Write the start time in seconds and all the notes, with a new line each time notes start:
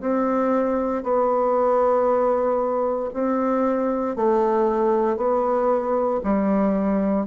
0.00 C4
1.03 B3
3.13 C4
4.16 A3
5.16 B3
6.24 G3